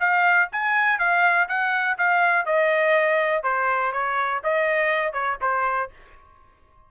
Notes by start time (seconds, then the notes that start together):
0.00 F5
0.52 G#5
0.99 F5
1.48 F#5
1.98 F5
2.46 D#5
3.43 C5
3.92 C#5
4.44 D#5
5.13 C#5
5.41 C5